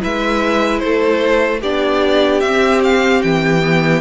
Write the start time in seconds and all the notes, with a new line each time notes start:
0.00 G#3 E4 B4 E5
0.79 A3 A4 C5
1.61 B3 D4 G4 D5
2.40 C4 E5
2.83 F5
3.22 E3 G5
3.62 B3